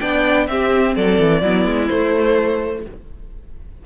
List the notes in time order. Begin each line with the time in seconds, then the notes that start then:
0.00 B3 D4 D5 G5
0.48 C4 G4 E5
0.97 F#3 A4 D5
1.20 E3
1.42 F#3 B3 E4
1.66 G#3
1.89 A3 C5